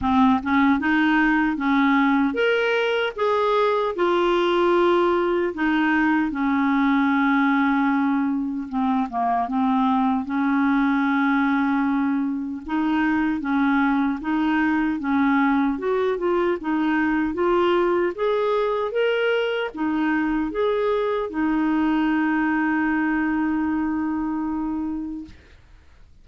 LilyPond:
\new Staff \with { instrumentName = "clarinet" } { \time 4/4 \tempo 4 = 76 c'8 cis'8 dis'4 cis'4 ais'4 | gis'4 f'2 dis'4 | cis'2. c'8 ais8 | c'4 cis'2. |
dis'4 cis'4 dis'4 cis'4 | fis'8 f'8 dis'4 f'4 gis'4 | ais'4 dis'4 gis'4 dis'4~ | dis'1 | }